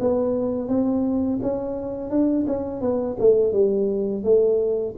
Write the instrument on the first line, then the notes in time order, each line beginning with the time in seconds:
tuba
0.00 B3
0.68 C4
1.42 C#4
2.10 D4
2.46 C#4
2.81 B3
3.19 A3
3.52 G3
4.23 A3